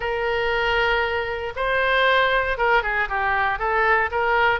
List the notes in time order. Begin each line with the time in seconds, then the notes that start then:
0.00 A#4
1.55 C5
2.57 A#4
2.83 G#4
3.08 G4
3.58 A4
4.11 A#4